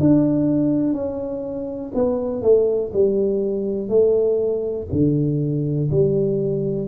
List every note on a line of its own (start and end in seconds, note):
0.00 0.93 D4
0.93 1.92 C#4
1.94 2.42 B3
2.42 2.91 A3
2.93 3.89 G3
3.89 4.87 A3
4.92 5.90 D3
5.91 6.88 G3